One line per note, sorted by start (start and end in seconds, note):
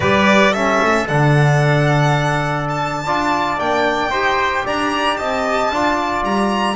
0.00 0.79 G3
0.00 0.54 G4
0.00 0.51 B4
0.00 0.53 D5
0.51 1.08 C#4
0.51 3.03 A4
0.51 1.06 E5
0.83 1.08 A3
1.08 3.06 D3
1.08 3.06 D4
1.08 2.67 F#5
2.69 3.59 A5
3.05 3.59 D4
3.05 3.58 F4
3.05 4.10 D5
3.58 4.10 A#3
3.58 4.11 D4
3.58 4.65 G5
4.10 4.63 D#4
4.10 5.71 G4
4.10 4.63 C5
4.65 5.19 D4
4.65 5.18 D5
4.65 5.16 A#5
5.16 5.70 C4
5.16 5.71 D#5
5.16 6.22 A5
5.70 6.22 D4
5.70 6.75 F4
5.70 6.75 D5
6.22 6.75 G3
6.22 6.75 A#5